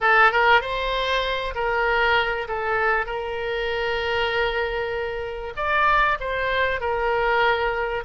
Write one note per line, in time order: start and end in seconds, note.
0.00 0.31 A4
0.31 0.61 A#4
0.61 1.54 C5
1.54 2.47 A#4
2.47 3.06 A4
3.06 5.53 A#4
5.56 6.18 D5
6.20 6.80 C5
6.80 8.04 A#4